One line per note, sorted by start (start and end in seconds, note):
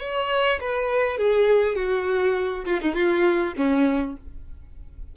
0.00 0.59 C#5
0.60 1.17 B4
1.17 1.76 G#4
1.76 2.65 F#4
2.65 2.80 F4
2.81 2.94 D#4
2.94 3.53 F4
3.57 4.16 C#4